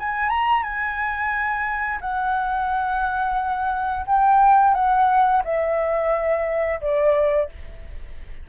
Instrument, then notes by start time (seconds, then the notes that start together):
flute
0.00 G#5
0.29 A#5
0.63 G#5
2.01 F#5
4.06 G5
4.74 F#5
5.45 E5
6.81 D5